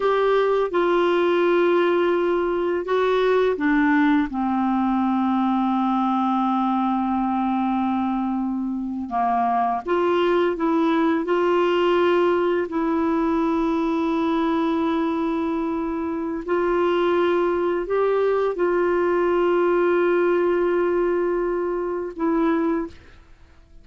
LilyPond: \new Staff \with { instrumentName = "clarinet" } { \time 4/4 \tempo 4 = 84 g'4 f'2. | fis'4 d'4 c'2~ | c'1~ | c'8. ais4 f'4 e'4 f'16~ |
f'4.~ f'16 e'2~ e'16~ | e'2. f'4~ | f'4 g'4 f'2~ | f'2. e'4 | }